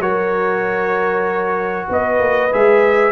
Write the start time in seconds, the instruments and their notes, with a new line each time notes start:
0.00 tuba F#3, trombone F#4, horn A#4, trumpet C#5
1.89 tuba B3, horn B4, trumpet D#5
2.20 tuba A#3
2.52 tuba G#3, trombone G#4, trumpet E5